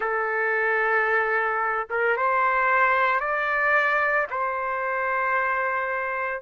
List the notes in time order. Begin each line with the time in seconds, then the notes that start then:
0.00 A4
1.90 A#4
2.17 C5
3.19 D5
4.30 C5